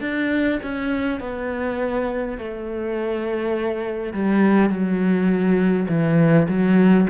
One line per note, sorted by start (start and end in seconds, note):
0.00 0.59 D4
0.63 1.20 C#4
1.20 2.37 B3
2.37 4.13 A3
4.13 4.70 G3
4.70 5.87 F#3
5.88 6.47 E3
6.48 7.07 F#3